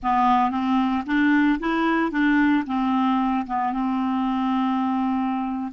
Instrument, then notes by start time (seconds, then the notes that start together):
clarinet
0.02 B3
0.50 C4
1.06 D4
1.59 E4
2.11 D4
2.66 C4
3.46 B3
3.72 C4